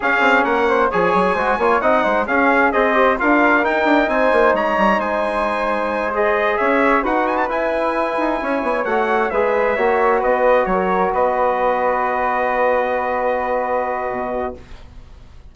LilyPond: <<
  \new Staff \with { instrumentName = "trumpet" } { \time 4/4 \tempo 4 = 132 f''4 fis''4 gis''2 | fis''4 f''4 dis''4 f''4 | g''4 gis''4 ais''4 gis''4~ | gis''4. dis''4 e''4 fis''8 |
gis''16 a''16 gis''2. fis''8~ | fis''8 e''2 dis''4 cis''8~ | cis''8 dis''2.~ dis''8~ | dis''1 | }
  \new Staff \with { instrumentName = "flute" } { \time 4/4 gis'4 ais'8 c''8 cis''4 c''8 cis''8 | dis''8 c''8 gis'4 c''4 ais'4~ | ais'4 c''4 cis''4 c''4~ | c''2~ c''8 cis''4 b'8~ |
b'2~ b'8 cis''4.~ | cis''8 b'4 cis''4 b'4 ais'8~ | ais'8 b'2.~ b'8~ | b'1 | }
  \new Staff \with { instrumentName = "trombone" } { \time 4/4 cis'2 gis'4 fis'8 f'8 | dis'4 cis'4 gis'8 g'8 f'4 | dis'1~ | dis'4. gis'2 fis'8~ |
fis'8 e'2. fis'8~ | fis'8 gis'4 fis'2~ fis'8~ | fis'1~ | fis'1 | }
  \new Staff \with { instrumentName = "bassoon" } { \time 4/4 cis'8 c'8 ais4 f8 fis8 gis8 ais8 | c'8 gis8 cis'4 c'4 d'4 | dis'8 d'8 c'8 ais8 gis8 g8 gis4~ | gis2~ gis8 cis'4 dis'8~ |
dis'8 e'4. dis'8 cis'8 b8 a8~ | a8 gis4 ais4 b4 fis8~ | fis8 b2.~ b8~ | b2. b,4 | }
>>